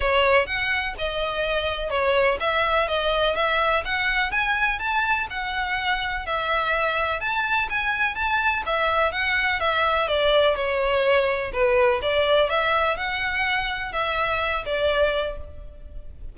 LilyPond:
\new Staff \with { instrumentName = "violin" } { \time 4/4 \tempo 4 = 125 cis''4 fis''4 dis''2 | cis''4 e''4 dis''4 e''4 | fis''4 gis''4 a''4 fis''4~ | fis''4 e''2 a''4 |
gis''4 a''4 e''4 fis''4 | e''4 d''4 cis''2 | b'4 d''4 e''4 fis''4~ | fis''4 e''4. d''4. | }